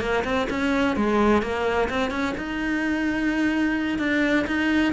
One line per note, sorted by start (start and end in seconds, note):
0.00 0.23 A#3
0.24 0.48 C4
0.49 0.96 C#4
0.96 1.42 G#3
1.42 1.89 A#3
1.89 2.10 C4
2.10 2.34 C#4
2.37 3.98 D#4
3.98 4.45 D4
4.47 4.93 D#4